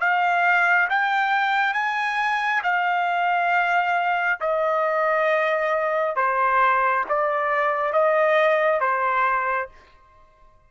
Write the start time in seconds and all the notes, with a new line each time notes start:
0.00 F5
0.89 G5
1.74 G#5
2.63 F5
4.40 D#5
6.16 C5
7.09 D5
7.93 D#5
8.80 C5